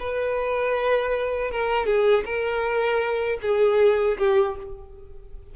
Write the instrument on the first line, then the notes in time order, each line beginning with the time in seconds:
violin
0.00 B4
1.51 A#4
1.86 G#4
2.25 A#4
3.42 G#4
4.18 G4